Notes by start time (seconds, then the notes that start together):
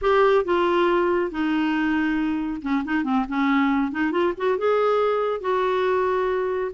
0.01 G4
0.44 F4
1.31 D#4
2.62 C#4
2.84 D#4
3.04 C4
3.28 C#4
3.91 D#4
4.11 F4
4.37 F#4
4.58 G#4
5.41 F#4